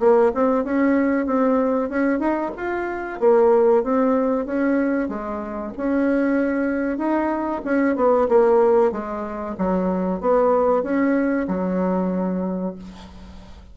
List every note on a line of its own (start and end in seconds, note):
0.00 0.32 A#3
0.34 0.64 C4
0.64 1.26 C#4
1.26 1.89 C4
1.89 2.19 C#4
2.19 2.51 D#4
2.56 3.20 F4
3.20 3.84 A#3
3.84 4.46 C4
4.46 5.09 C#4
5.09 5.73 G#3
5.77 6.98 C#4
6.98 7.62 D#4
7.65 7.96 C#4
7.96 8.28 B3
8.29 8.92 A#3
8.92 9.56 G#3
9.58 10.21 F#3
10.21 10.83 B3
10.83 11.47 C#4
11.48 12.75 F#3